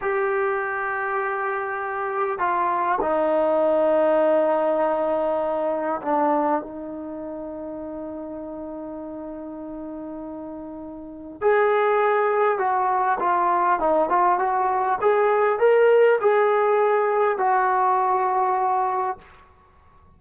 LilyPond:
\new Staff \with { instrumentName = "trombone" } { \time 4/4 \tempo 4 = 100 g'1 | f'4 dis'2.~ | dis'2 d'4 dis'4~ | dis'1~ |
dis'2. gis'4~ | gis'4 fis'4 f'4 dis'8 f'8 | fis'4 gis'4 ais'4 gis'4~ | gis'4 fis'2. | }